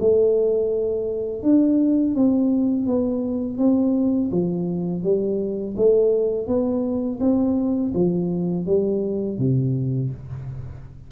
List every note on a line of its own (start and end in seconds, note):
0.00 1.43 A3
1.43 2.16 D4
2.16 2.87 C4
2.87 3.58 B3
3.58 4.31 C4
4.32 5.03 F3
5.03 5.75 G3
5.77 6.48 A3
6.48 7.20 B3
7.21 7.93 C4
7.95 8.67 F3
8.67 9.39 G3
9.39 10.11 C3